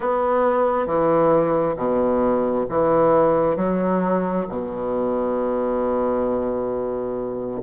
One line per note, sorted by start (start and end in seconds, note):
0.00 0.86 B3
0.86 1.75 E3
1.76 2.66 B2
2.69 3.56 E3
3.56 4.46 F#3
4.48 7.62 B2